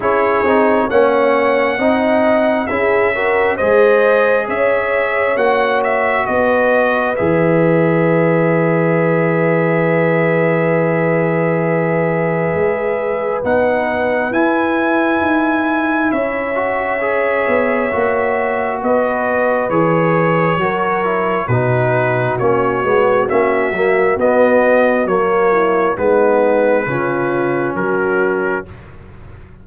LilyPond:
<<
  \new Staff \with { instrumentName = "trumpet" } { \time 4/4 \tempo 4 = 67 cis''4 fis''2 e''4 | dis''4 e''4 fis''8 e''8 dis''4 | e''1~ | e''2. fis''4 |
gis''2 e''2~ | e''4 dis''4 cis''2 | b'4 cis''4 e''4 dis''4 | cis''4 b'2 ais'4 | }
  \new Staff \with { instrumentName = "horn" } { \time 4/4 gis'4 cis''4 dis''4 gis'8 ais'8 | c''4 cis''2 b'4~ | b'1~ | b'1~ |
b'2 cis''2~ | cis''4 b'2 ais'4 | fis'1~ | fis'8 e'8 dis'4 f'4 fis'4 | }
  \new Staff \with { instrumentName = "trombone" } { \time 4/4 e'8 dis'8 cis'4 dis'4 e'8 fis'8 | gis'2 fis'2 | gis'1~ | gis'2. dis'4 |
e'2~ e'8 fis'8 gis'4 | fis'2 gis'4 fis'8 e'8 | dis'4 cis'8 b8 cis'8 ais8 b4 | ais4 b4 cis'2 | }
  \new Staff \with { instrumentName = "tuba" } { \time 4/4 cis'8 c'8 ais4 c'4 cis'4 | gis4 cis'4 ais4 b4 | e1~ | e2 gis4 b4 |
e'4 dis'4 cis'4. b8 | ais4 b4 e4 fis4 | b,4 ais8 gis8 ais8 fis8 b4 | fis4 gis4 cis4 fis4 | }
>>